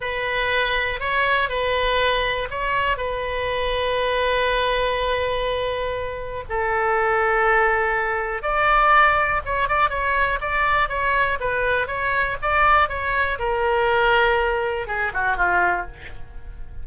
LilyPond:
\new Staff \with { instrumentName = "oboe" } { \time 4/4 \tempo 4 = 121 b'2 cis''4 b'4~ | b'4 cis''4 b'2~ | b'1~ | b'4 a'2.~ |
a'4 d''2 cis''8 d''8 | cis''4 d''4 cis''4 b'4 | cis''4 d''4 cis''4 ais'4~ | ais'2 gis'8 fis'8 f'4 | }